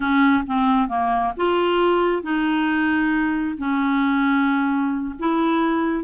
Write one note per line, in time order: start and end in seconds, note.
0.00 0.43 C#4
0.46 0.88 C4
0.88 1.33 A#3
1.37 2.22 F4
2.22 3.57 D#4
3.57 5.14 C#4
5.19 6.03 E4